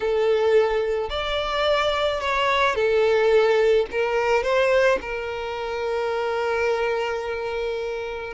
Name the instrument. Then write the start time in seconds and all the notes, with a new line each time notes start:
violin
0.00 A4
1.09 D5
2.20 C#5
2.75 A4
3.91 A#4
4.43 C5
5.01 A#4